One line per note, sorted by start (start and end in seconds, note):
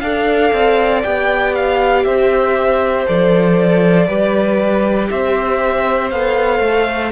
0.00 0.52 D4
0.00 1.03 A4
0.00 2.06 D5
0.00 1.02 F5
0.53 1.04 C4
1.03 2.05 B3
1.03 3.06 G4
1.03 1.54 G5
1.55 2.04 F5
2.04 3.06 C4
2.04 4.07 C5
2.04 3.06 E5
3.06 4.08 F3
3.06 4.08 A4
3.06 5.10 D5
4.07 5.10 G3
4.07 6.12 G4
4.07 5.09 B4
5.10 6.11 C4
5.10 7.12 C5
5.10 6.10 E5
6.10 6.60 B3
6.10 7.12 A4
6.10 7.12 F5
6.60 7.11 A3